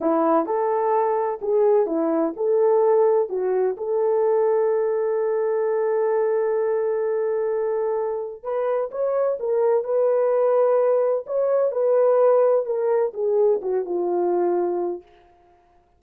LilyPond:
\new Staff \with { instrumentName = "horn" } { \time 4/4 \tempo 4 = 128 e'4 a'2 gis'4 | e'4 a'2 fis'4 | a'1~ | a'1~ |
a'2 b'4 cis''4 | ais'4 b'2. | cis''4 b'2 ais'4 | gis'4 fis'8 f'2~ f'8 | }